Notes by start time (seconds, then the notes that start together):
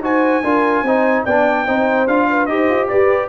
0.00 D#4 F#4 C5 G#5
0.43 D4 F4 A#4
0.82 C4 D#4 C5
1.25 B3 D4 D5 G5
1.66 C4 D#4 C5
2.07 D4 F4 F5
2.30 B4
2.46 D#4 G4 C5 D#5
2.70 F4
2.88 G4 B4 D5